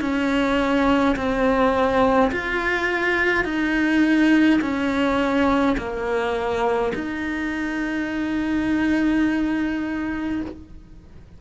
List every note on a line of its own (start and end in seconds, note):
0.00 1.15 C#4
1.15 2.31 C4
2.31 3.44 F4
3.44 4.59 D#4
4.61 5.76 C#4
5.77 6.92 A#3
6.95 10.41 D#4